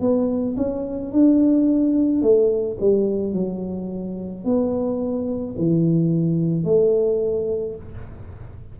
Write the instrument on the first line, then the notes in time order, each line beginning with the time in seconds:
tuba
0.00 B3
0.57 C#4
1.12 D4
2.22 A3
2.80 G3
3.33 F#3
4.44 B3
5.58 E3
6.64 A3